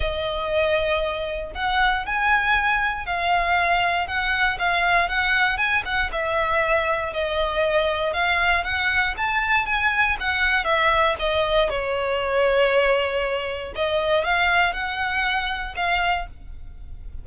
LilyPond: \new Staff \with { instrumentName = "violin" } { \time 4/4 \tempo 4 = 118 dis''2. fis''4 | gis''2 f''2 | fis''4 f''4 fis''4 gis''8 fis''8 | e''2 dis''2 |
f''4 fis''4 a''4 gis''4 | fis''4 e''4 dis''4 cis''4~ | cis''2. dis''4 | f''4 fis''2 f''4 | }